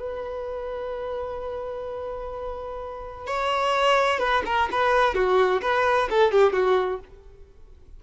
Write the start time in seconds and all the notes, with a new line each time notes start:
0.00 B4
3.27 C#5
4.20 B4
4.46 A#4
4.72 B4
5.15 F#4
5.62 B4
6.10 A4
6.32 G4
6.53 F#4